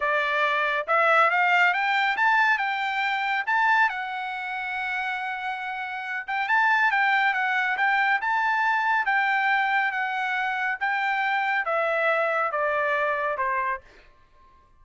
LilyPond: \new Staff \with { instrumentName = "trumpet" } { \time 4/4 \tempo 4 = 139 d''2 e''4 f''4 | g''4 a''4 g''2 | a''4 fis''2.~ | fis''2~ fis''8 g''8 a''4 |
g''4 fis''4 g''4 a''4~ | a''4 g''2 fis''4~ | fis''4 g''2 e''4~ | e''4 d''2 c''4 | }